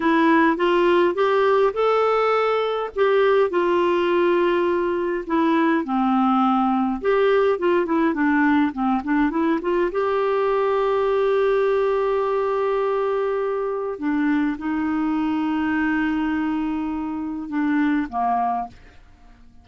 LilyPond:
\new Staff \with { instrumentName = "clarinet" } { \time 4/4 \tempo 4 = 103 e'4 f'4 g'4 a'4~ | a'4 g'4 f'2~ | f'4 e'4 c'2 | g'4 f'8 e'8 d'4 c'8 d'8 |
e'8 f'8 g'2.~ | g'1 | d'4 dis'2.~ | dis'2 d'4 ais4 | }